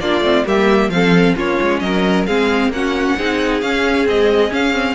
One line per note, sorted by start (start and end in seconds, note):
0.00 0.21 A#3
0.00 0.23 D4
0.00 0.46 F4
0.00 0.46 D5
0.21 0.44 A3
0.21 0.45 C4
0.46 0.89 G3
0.46 0.91 A#3
0.46 0.91 G4
0.46 0.90 E5
0.89 1.34 F3
0.89 1.37 C4
0.89 1.36 A4
0.89 1.35 F5
1.36 1.59 A#3
1.36 2.27 C#4
1.36 1.81 F4
1.36 1.80 C#5
1.62 1.82 G#3
1.80 2.27 F#3
1.80 2.28 A#4
1.80 2.25 D#5
2.27 2.69 G#3
2.27 2.73 C4
2.27 2.73 G#4
2.27 2.72 F5
2.69 3.14 A#3
2.69 3.18 C#4
2.69 3.61 F#5
2.76 3.17 F#4
3.17 3.62 C4
3.17 3.63 D#4
3.17 4.95 G#4
3.61 4.06 C#4
3.61 4.08 C#4
3.61 4.06 F5
4.06 4.50 G#3
4.06 4.51 C4
4.06 4.54 D#5
4.50 4.73 C#4
4.50 4.95 C#4
4.50 4.95 F5
4.73 4.95 C4